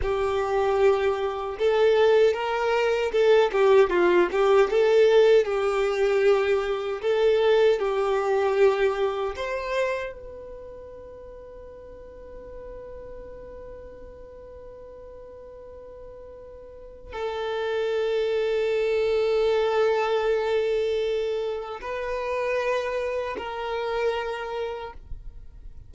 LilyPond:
\new Staff \with { instrumentName = "violin" } { \time 4/4 \tempo 4 = 77 g'2 a'4 ais'4 | a'8 g'8 f'8 g'8 a'4 g'4~ | g'4 a'4 g'2 | c''4 b'2.~ |
b'1~ | b'2 a'2~ | a'1 | b'2 ais'2 | }